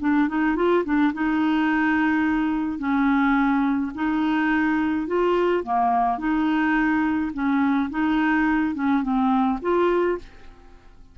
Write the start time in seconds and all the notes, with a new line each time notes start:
0.00 D4
0.28 D#4
0.56 F4
0.84 D4
1.14 D#4
2.79 C#4
3.94 D#4
5.07 F4
5.63 A#3
6.18 D#4
7.33 C#4
7.90 D#4
8.75 C#4
9.03 C4
9.62 F4